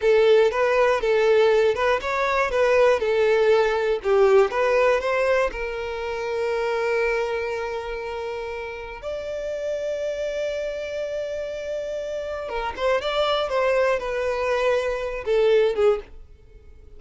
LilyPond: \new Staff \with { instrumentName = "violin" } { \time 4/4 \tempo 4 = 120 a'4 b'4 a'4. b'8 | cis''4 b'4 a'2 | g'4 b'4 c''4 ais'4~ | ais'1~ |
ais'2 d''2~ | d''1~ | d''4 ais'8 c''8 d''4 c''4 | b'2~ b'8 a'4 gis'8 | }